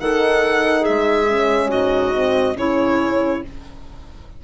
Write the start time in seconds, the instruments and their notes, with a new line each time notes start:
0.00 bassoon D#3, horn D#4, clarinet A4, violin F#5
0.81 clarinet G#4, violin E5
0.89 bassoon G#3
1.28 horn C#4
1.69 bassoon G#2, clarinet F#4, violin D#5
2.14 horn C4
2.56 bassoon C#3, horn C#4, clarinet E4, violin C#5